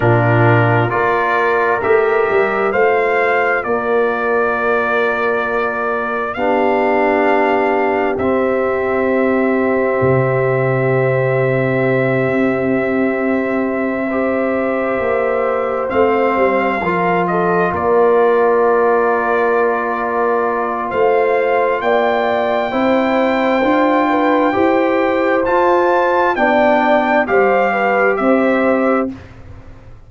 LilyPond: <<
  \new Staff \with { instrumentName = "trumpet" } { \time 4/4 \tempo 4 = 66 ais'4 d''4 e''4 f''4 | d''2. f''4~ | f''4 e''2.~ | e''1~ |
e''4. f''4. dis''8 d''8~ | d''2. f''4 | g''1 | a''4 g''4 f''4 e''4 | }
  \new Staff \with { instrumentName = "horn" } { \time 4/4 f'4 ais'2 c''4 | ais'2. g'4~ | g'1~ | g'2.~ g'8 c''8~ |
c''2~ c''8 ais'8 a'8 ais'8~ | ais'2. c''4 | d''4 c''4. b'8 c''4~ | c''4 d''4 c''8 b'8 c''4 | }
  \new Staff \with { instrumentName = "trombone" } { \time 4/4 d'4 f'4 g'4 f'4~ | f'2. d'4~ | d'4 c'2.~ | c'2.~ c'8 g'8~ |
g'4. c'4 f'4.~ | f'1~ | f'4 e'4 f'4 g'4 | f'4 d'4 g'2 | }
  \new Staff \with { instrumentName = "tuba" } { \time 4/4 ais,4 ais4 a8 g8 a4 | ais2. b4~ | b4 c'2 c4~ | c4. c'2~ c'8~ |
c'8 ais4 a8 g8 f4 ais8~ | ais2. a4 | ais4 c'4 d'4 e'4 | f'4 b4 g4 c'4 | }
>>